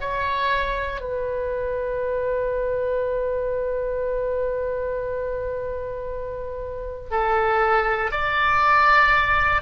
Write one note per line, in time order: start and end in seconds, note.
0.00 1.00 C#5
1.00 7.10 B4
7.10 8.11 A4
8.11 9.61 D5